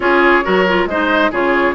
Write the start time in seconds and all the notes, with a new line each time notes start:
0.00 C#4 F4 G#4 C#5
0.43 F#3 F#4 A#4
0.67 F4
0.86 G#3 D#4 C5 D#5
1.31 C#3 F4 G#4 C#5